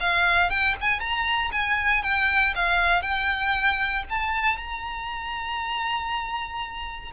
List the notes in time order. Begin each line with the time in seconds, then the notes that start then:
0.00 F5
0.50 G5
0.81 G#5
1.00 A#5
1.52 G#5
2.03 G5
2.55 F5
3.02 G5
4.09 A5
4.57 A#5